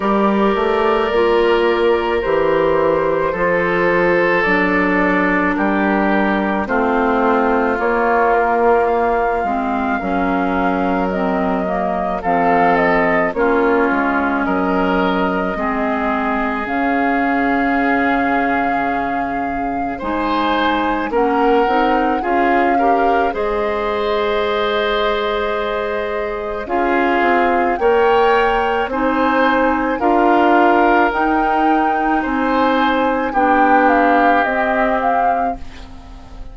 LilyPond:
<<
  \new Staff \with { instrumentName = "flute" } { \time 4/4 \tempo 4 = 54 d''2 c''2 | d''4 ais'4 c''4 cis''8 ais'8 | f''2 dis''4 f''8 dis''8 | cis''4 dis''2 f''4~ |
f''2 gis''4 fis''4 | f''4 dis''2. | f''4 g''4 gis''4 f''4 | g''4 gis''4 g''8 f''8 dis''8 f''8 | }
  \new Staff \with { instrumentName = "oboe" } { \time 4/4 ais'2. a'4~ | a'4 g'4 f'2~ | f'4 ais'2 a'4 | f'4 ais'4 gis'2~ |
gis'2 c''4 ais'4 | gis'8 ais'8 c''2. | gis'4 cis''4 c''4 ais'4~ | ais'4 c''4 g'2 | }
  \new Staff \with { instrumentName = "clarinet" } { \time 4/4 g'4 f'4 g'4 f'4 | d'2 c'4 ais4~ | ais8 c'8 cis'4 c'8 ais8 c'4 | cis'2 c'4 cis'4~ |
cis'2 dis'4 cis'8 dis'8 | f'8 g'8 gis'2. | f'4 ais'4 dis'4 f'4 | dis'2 d'4 c'4 | }
  \new Staff \with { instrumentName = "bassoon" } { \time 4/4 g8 a8 ais4 e4 f4 | fis4 g4 a4 ais4~ | ais8 gis8 fis2 f4 | ais8 gis8 fis4 gis4 cis4~ |
cis2 gis4 ais8 c'8 | cis'4 gis2. | cis'8 c'8 ais4 c'4 d'4 | dis'4 c'4 b4 c'4 | }
>>